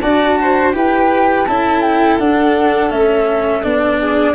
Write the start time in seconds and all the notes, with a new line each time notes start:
0.00 D4 F#4 D5 A5
0.41 C5
0.73 E4 G4 B4 G5
1.45 C#4 E4 A4 A5
1.81 G5
2.18 D4 F#5
2.90 A3 C#4 E5
3.63 B3 D4 D5
3.98 G#4